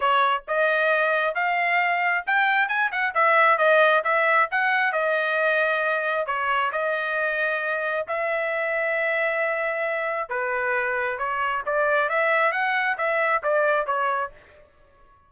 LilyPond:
\new Staff \with { instrumentName = "trumpet" } { \time 4/4 \tempo 4 = 134 cis''4 dis''2 f''4~ | f''4 g''4 gis''8 fis''8 e''4 | dis''4 e''4 fis''4 dis''4~ | dis''2 cis''4 dis''4~ |
dis''2 e''2~ | e''2. b'4~ | b'4 cis''4 d''4 e''4 | fis''4 e''4 d''4 cis''4 | }